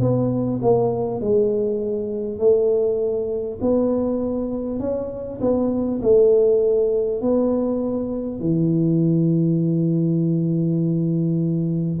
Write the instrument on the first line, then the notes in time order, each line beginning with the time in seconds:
tuba
0.00 B3
0.62 A#3
1.20 G#3
2.38 A3
3.61 B3
4.79 C#4
5.40 B3
6.02 A3
7.21 B3
8.39 E3